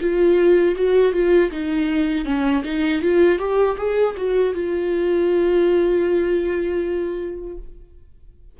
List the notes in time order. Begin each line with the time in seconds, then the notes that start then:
0.00 F4
0.75 F#4
1.12 F4
1.51 D#4
2.25 C#4
2.64 D#4
3.01 F4
3.38 G4
3.77 G#4
4.17 F#4
4.54 F4